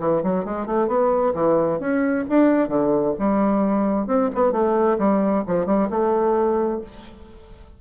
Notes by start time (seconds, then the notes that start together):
0.00 E3
0.24 F#3
0.45 G#3
0.67 A3
0.88 B3
1.35 E3
1.80 C#4
2.30 D4
2.69 D3
3.19 G3
4.07 C4
4.35 B3
4.52 A3
4.99 G3
5.48 F3
5.67 G3
5.90 A3